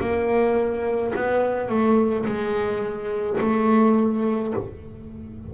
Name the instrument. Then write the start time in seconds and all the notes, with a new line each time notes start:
double bass
0.00 A#3
1.15 B3
1.68 A3
2.25 G#3
3.40 A3